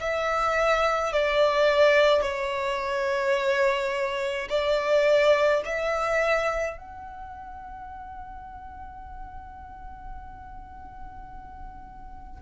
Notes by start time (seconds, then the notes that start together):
0.00 E5
1.13 D5
2.22 C#5
4.50 D5
5.65 E5
6.78 F#5